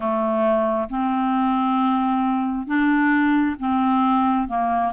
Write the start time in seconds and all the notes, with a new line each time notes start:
0.00 A3
0.89 C4
2.66 D4
3.59 C4
4.48 A#3